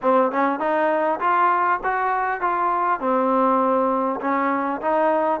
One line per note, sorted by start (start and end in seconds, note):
0.02 0.31 C4
0.31 0.59 C#4
0.59 1.19 D#4
1.20 1.80 F4
1.83 2.40 F#4
2.40 2.99 F4
2.99 4.19 C4
4.20 4.80 C#4
4.81 5.40 D#4